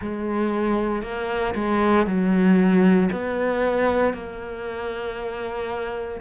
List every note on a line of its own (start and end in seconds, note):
0.00 1.02 G#3
1.02 1.54 A#3
1.55 2.06 G#3
2.06 3.09 F#3
3.11 4.13 B3
4.13 6.20 A#3